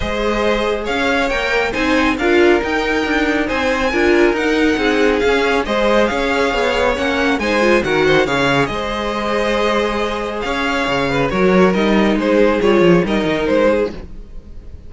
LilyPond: <<
  \new Staff \with { instrumentName = "violin" } { \time 4/4 \tempo 4 = 138 dis''2 f''4 g''4 | gis''4 f''4 g''2 | gis''2 fis''2 | f''4 dis''4 f''2 |
fis''4 gis''4 fis''4 f''4 | dis''1 | f''2 cis''4 dis''4 | c''4 cis''4 dis''4 c''4 | }
  \new Staff \with { instrumentName = "violin" } { \time 4/4 c''2 cis''2 | c''4 ais'2. | c''4 ais'2 gis'4~ | gis'4 c''4 cis''2~ |
cis''4 c''4 ais'8 c''8 cis''4 | c''1 | cis''4. b'8 ais'2 | gis'2 ais'4. gis'8 | }
  \new Staff \with { instrumentName = "viola" } { \time 4/4 gis'2. ais'4 | dis'4 f'4 dis'2~ | dis'4 f'4 dis'2 | cis'4 gis'2. |
cis'4 dis'8 f'8 fis'4 gis'4~ | gis'1~ | gis'2 fis'4 dis'4~ | dis'4 f'4 dis'2 | }
  \new Staff \with { instrumentName = "cello" } { \time 4/4 gis2 cis'4 ais4 | c'4 d'4 dis'4 d'4 | c'4 d'4 dis'4 c'4 | cis'4 gis4 cis'4 b4 |
ais4 gis4 dis4 cis4 | gis1 | cis'4 cis4 fis4 g4 | gis4 g8 f8 g8 dis8 gis4 | }
>>